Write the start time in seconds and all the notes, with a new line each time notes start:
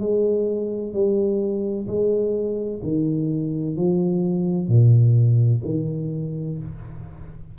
0.00 G#3
0.93 G3
1.87 G#3
2.83 D#3
3.77 F3
4.68 A#2
5.65 D#3